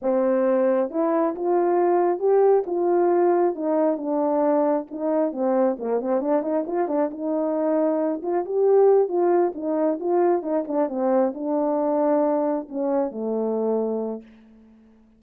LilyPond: \new Staff \with { instrumentName = "horn" } { \time 4/4 \tempo 4 = 135 c'2 e'4 f'4~ | f'4 g'4 f'2 | dis'4 d'2 dis'4 | c'4 ais8 c'8 d'8 dis'8 f'8 d'8 |
dis'2~ dis'8 f'8 g'4~ | g'8 f'4 dis'4 f'4 dis'8 | d'8 c'4 d'2~ d'8~ | d'8 cis'4 a2~ a8 | }